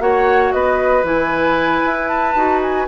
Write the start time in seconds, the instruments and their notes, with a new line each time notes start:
0.00 bassoon A#3, clarinet F#4, oboe C#5, flute F#5
0.52 bassoon B3, oboe B4, flute D#5
1.04 bassoon E3, clarinet E4, flute G#5
1.85 bassoon E4
2.08 flute A5
2.36 bassoon D#4, clarinet F#4
2.62 flute G#5